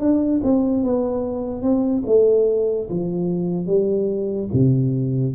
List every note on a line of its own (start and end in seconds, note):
0.00 0.41 D4
0.44 0.84 C4
0.84 1.62 B3
1.62 2.03 C4
2.07 2.89 A3
2.90 3.67 F3
3.67 4.49 G3
4.54 5.35 C3